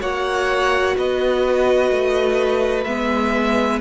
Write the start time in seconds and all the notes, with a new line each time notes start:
0.00 A#3 F#4 C#5 F#5
0.97 B3 B4 D#5
1.90 A3
2.84 G#3 B3 E5